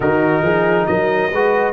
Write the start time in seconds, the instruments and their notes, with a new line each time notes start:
0.00 tuba D#3, trombone D#4, horn F#4, trumpet A#4
0.42 tuba F3, horn G#4
0.86 tuba F#3, horn A#4, trumpet D#5
1.31 tuba G#3, trombone F#4, horn B4